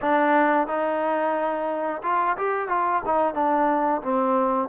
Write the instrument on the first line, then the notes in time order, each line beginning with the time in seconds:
trombone
0.01 D4
0.67 D#4
2.03 F4
2.37 G4
2.68 F4
3.05 D#4
3.34 D4
4.01 C4